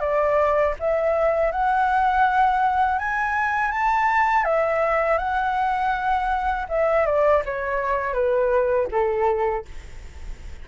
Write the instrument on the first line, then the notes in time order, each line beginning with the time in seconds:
flute
0.00 D5
0.79 E5
1.52 F#5
2.98 G#5
3.71 A5
4.44 E5
5.18 F#5
6.69 E5
7.06 D5
7.45 C#5
8.13 B4
8.91 A4